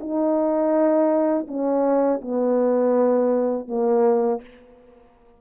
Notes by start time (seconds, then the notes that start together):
0.00 D#4
1.48 C#4
2.21 B3
3.68 A#3